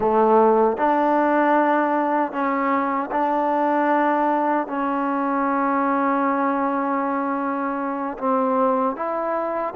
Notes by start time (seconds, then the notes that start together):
0.00 A3
0.77 D4
2.32 C#4
3.11 D4
4.67 C#4
8.17 C4
8.96 E4